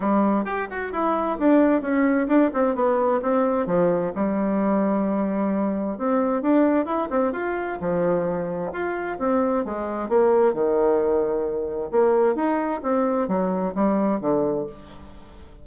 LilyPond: \new Staff \with { instrumentName = "bassoon" } { \time 4/4 \tempo 4 = 131 g4 g'8 fis'8 e'4 d'4 | cis'4 d'8 c'8 b4 c'4 | f4 g2.~ | g4 c'4 d'4 e'8 c'8 |
f'4 f2 f'4 | c'4 gis4 ais4 dis4~ | dis2 ais4 dis'4 | c'4 fis4 g4 d4 | }